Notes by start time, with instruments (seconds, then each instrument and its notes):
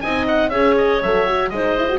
0.00 double bass C4, horn D#4, clarinet D#5, oboe G#5
0.28 oboe F#5
0.49 double bass C#4, horn G#4, clarinet C#5, oboe E5
0.77 oboe D#5
1.02 double bass F#3, horn A4, oboe E5
1.27 horn F#4
1.49 double bass G#3, horn D#4, clarinet C5, oboe D#5
1.77 horn E4
1.89 horn F#4